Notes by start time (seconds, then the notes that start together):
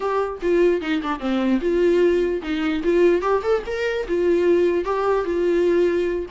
0.00 G4
0.42 F4
0.81 D#4
1.02 D4
1.19 C4
1.60 F4
2.42 D#4
2.83 F4
3.21 G4
3.42 A4
3.66 A#4
4.08 F4
4.84 G4
5.24 F4